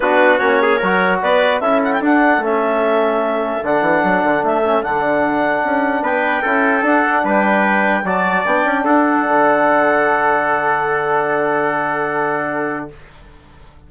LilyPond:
<<
  \new Staff \with { instrumentName = "clarinet" } { \time 4/4 \tempo 4 = 149 b'4 cis''2 d''4 | e''8 fis''16 g''16 fis''4 e''2~ | e''4 fis''2 e''4 | fis''2. g''4~ |
g''4 fis''4 g''2 | a''4 g''4 fis''2~ | fis''1~ | fis''1 | }
  \new Staff \with { instrumentName = "trumpet" } { \time 4/4 fis'4. gis'8 ais'4 b'4 | a'1~ | a'1~ | a'2. b'4 |
a'2 b'2 | d''2 a'2~ | a'1~ | a'1 | }
  \new Staff \with { instrumentName = "trombone" } { \time 4/4 d'4 cis'4 fis'2 | e'4 d'4 cis'2~ | cis'4 d'2~ d'8 cis'8 | d'1 |
e'4 d'2. | fis'4 d'2.~ | d'1~ | d'1 | }
  \new Staff \with { instrumentName = "bassoon" } { \time 4/4 b4 ais4 fis4 b4 | cis'4 d'4 a2~ | a4 d8 e8 fis8 d8 a4 | d2 cis'4 b4 |
cis'4 d'4 g2 | fis4 b8 cis'8 d'4 d4~ | d1~ | d1 | }
>>